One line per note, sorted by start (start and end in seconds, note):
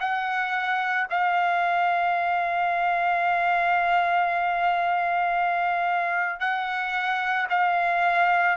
0.00 1.07 F#5
1.10 6.40 F5
6.40 7.47 F#5
7.50 8.57 F5